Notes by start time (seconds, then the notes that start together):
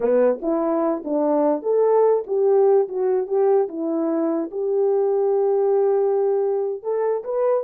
0.00 B3
0.42 E4
1.04 D4
1.62 A4
2.26 G4
2.88 F#4
3.27 G4
3.68 E4
4.51 G4
6.82 A4
7.24 B4